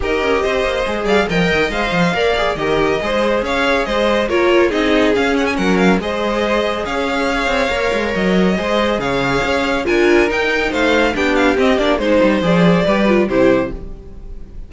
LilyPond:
<<
  \new Staff \with { instrumentName = "violin" } { \time 4/4 \tempo 4 = 140 dis''2~ dis''8 f''8 g''4 | f''2 dis''2 | f''4 dis''4 cis''4 dis''4 | f''8 fis''16 gis''16 fis''8 f''8 dis''2 |
f''2. dis''4~ | dis''4 f''2 gis''4 | g''4 f''4 g''8 f''8 dis''8 d''8 | c''4 d''2 c''4 | }
  \new Staff \with { instrumentName = "violin" } { \time 4/4 ais'4 c''4. d''8 dis''4~ | dis''4 d''4 ais'4 c''4 | cis''4 c''4 ais'4 gis'4~ | gis'4 ais'4 c''2 |
cis''1 | c''4 cis''2 ais'4~ | ais'4 c''4 g'2 | c''2 b'4 g'4 | }
  \new Staff \with { instrumentName = "viola" } { \time 4/4 g'2 gis'4 ais'4 | c''4 ais'8 gis'8 g'4 gis'4~ | gis'2 f'4 dis'4 | cis'2 gis'2~ |
gis'2 ais'2 | gis'2. f'4 | dis'2 d'4 c'8 d'8 | dis'4 gis'4 g'8 f'8 e'4 | }
  \new Staff \with { instrumentName = "cello" } { \time 4/4 dis'8 cis'8 c'8 ais8 gis8 g8 f8 dis8 | gis8 f8 ais4 dis4 gis4 | cis'4 gis4 ais4 c'4 | cis'4 fis4 gis2 |
cis'4. c'8 ais8 gis8 fis4 | gis4 cis4 cis'4 d'4 | dis'4 a4 b4 c'8 ais8 | gis8 g8 f4 g4 c4 | }
>>